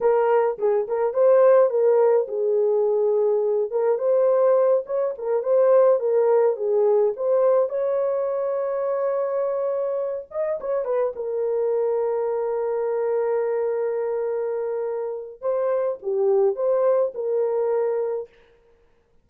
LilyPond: \new Staff \with { instrumentName = "horn" } { \time 4/4 \tempo 4 = 105 ais'4 gis'8 ais'8 c''4 ais'4 | gis'2~ gis'8 ais'8 c''4~ | c''8 cis''8 ais'8 c''4 ais'4 gis'8~ | gis'8 c''4 cis''2~ cis''8~ |
cis''2 dis''8 cis''8 b'8 ais'8~ | ais'1~ | ais'2. c''4 | g'4 c''4 ais'2 | }